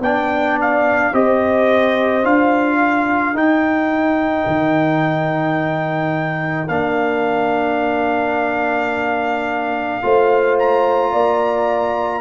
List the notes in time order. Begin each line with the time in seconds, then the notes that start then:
0.00 B3 D4 D5 G5
0.61 F5
1.13 C4 G4 C5 D#5
2.23 D4 F4 F5
2.78 A#4
3.33 D#4 G5
4.47 D#3
6.68 A#3 D4 F5
10.02 A3 F4 C5
10.59 A#5
11.12 A#3 D5